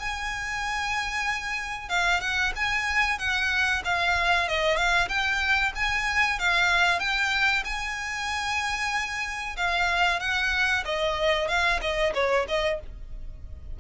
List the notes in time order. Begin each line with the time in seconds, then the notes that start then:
0.00 G#5
1.89 F5
2.21 F#5
2.56 G#5
3.19 F#5
3.85 F5
4.49 D#5
4.77 F5
5.09 G5
5.76 G#5
6.39 F5
7.00 G5
7.65 G#5
9.57 F5
10.20 F#5
10.85 D#5
11.48 F5
11.82 D#5
12.15 C#5
12.48 D#5